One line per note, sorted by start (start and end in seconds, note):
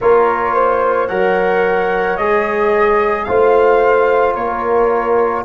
0.00 1.10 A#3
0.00 1.09 F4
0.00 0.54 A#4
0.00 1.07 C#5
0.54 1.07 C5
1.07 2.17 F#3
1.07 2.18 A#4
1.07 3.25 C#5
1.07 2.16 F#5
2.17 3.26 G#3
2.17 3.27 G#4
2.17 3.24 D#5
3.24 4.35 A3
3.24 5.44 F4
3.24 4.35 C5
3.24 4.33 F5
4.34 5.44 A#3
4.34 5.44 A#4
4.34 5.43 C#5